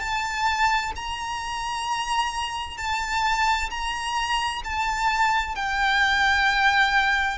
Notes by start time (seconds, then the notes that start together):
0.00 A5
0.96 A#5
2.77 A5
3.70 A#5
4.64 A5
5.55 G5